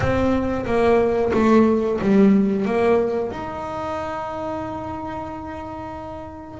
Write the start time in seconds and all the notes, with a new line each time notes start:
0.00 C4
0.65 A#3
1.33 A3
2.01 G3
2.65 A#3
3.31 D#4